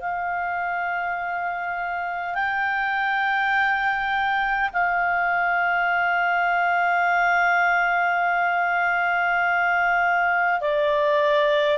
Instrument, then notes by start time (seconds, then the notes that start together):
clarinet
0.00 F5
2.34 G5
4.73 F5
10.60 D5